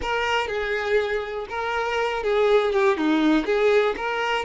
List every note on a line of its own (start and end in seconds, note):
0.01 0.47 A#4
0.47 1.46 G#4
1.49 2.23 A#4
2.23 2.72 G#4
2.72 2.97 G4
2.97 3.45 D#4
3.45 3.95 G#4
3.96 4.45 A#4